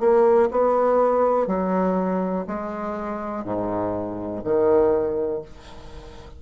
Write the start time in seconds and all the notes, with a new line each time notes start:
0.00 A#3
0.51 B3
1.47 F#3
2.47 G#3
3.44 G#2
4.44 D#3